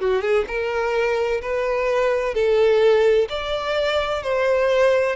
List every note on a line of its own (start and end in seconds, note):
0.00 0.21 F#4
0.21 0.44 G#4
0.47 1.41 A#4
1.41 2.34 B4
2.34 3.28 A4
3.29 4.22 D5
4.22 5.15 C5